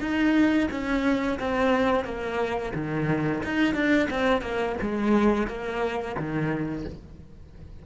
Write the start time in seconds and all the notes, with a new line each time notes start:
0.00 D#4
0.71 C#4
1.39 C4
2.04 A#3
2.75 D#3
3.43 D#4
3.74 D4
4.10 C4
4.41 A#3
4.81 G#3
5.47 A#3
6.17 D#3